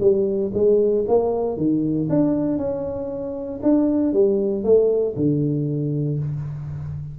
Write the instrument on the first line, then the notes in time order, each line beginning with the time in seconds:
tuba
0.00 G3
0.54 G#3
1.08 A#3
1.57 D#3
2.10 D4
2.58 C#4
3.62 D4
4.13 G3
4.64 A3
5.16 D3